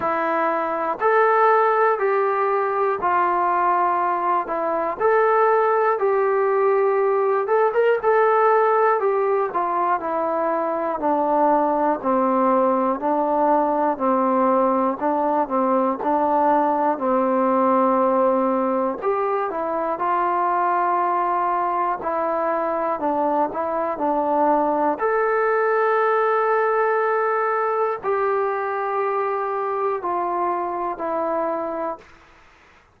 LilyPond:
\new Staff \with { instrumentName = "trombone" } { \time 4/4 \tempo 4 = 60 e'4 a'4 g'4 f'4~ | f'8 e'8 a'4 g'4. a'16 ais'16 | a'4 g'8 f'8 e'4 d'4 | c'4 d'4 c'4 d'8 c'8 |
d'4 c'2 g'8 e'8 | f'2 e'4 d'8 e'8 | d'4 a'2. | g'2 f'4 e'4 | }